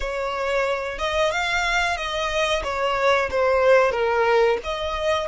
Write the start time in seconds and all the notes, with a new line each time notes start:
0.00 C#5
0.98 D#5
1.31 F5
1.96 D#5
2.63 C#5
3.30 C5
3.91 A#4
4.63 D#5